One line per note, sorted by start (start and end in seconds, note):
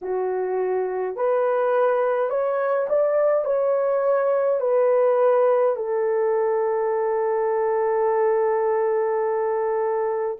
0.01 1.15 F#4
1.15 2.29 B4
2.29 2.87 C#5
2.89 3.45 D5
3.45 4.60 C#5
4.60 5.75 B4
5.75 10.37 A4